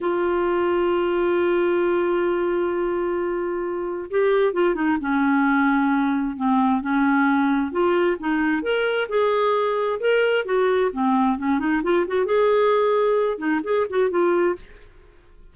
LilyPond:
\new Staff \with { instrumentName = "clarinet" } { \time 4/4 \tempo 4 = 132 f'1~ | f'1~ | f'4 g'4 f'8 dis'8 cis'4~ | cis'2 c'4 cis'4~ |
cis'4 f'4 dis'4 ais'4 | gis'2 ais'4 fis'4 | c'4 cis'8 dis'8 f'8 fis'8 gis'4~ | gis'4. dis'8 gis'8 fis'8 f'4 | }